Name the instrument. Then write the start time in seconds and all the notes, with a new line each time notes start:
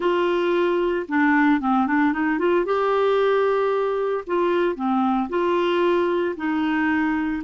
clarinet
0.00 F4
1.08 D4
1.60 C4
1.87 D4
2.12 D#4
2.38 F4
2.65 G4
4.26 F4
4.75 C4
5.29 F4
6.36 D#4